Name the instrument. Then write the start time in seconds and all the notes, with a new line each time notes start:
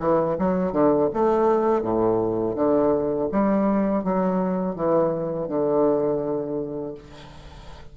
bassoon
0.00 E3
0.39 F#3
0.72 D3
1.13 A3
1.82 A2
2.55 D3
3.32 G3
4.04 F#3
4.76 E3
5.48 D3